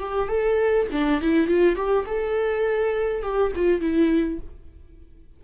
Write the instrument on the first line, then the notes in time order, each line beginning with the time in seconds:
viola
0.00 G4
0.29 A4
0.92 D4
1.22 E4
1.48 F4
1.76 G4
2.07 A4
3.23 G4
3.56 F4
3.81 E4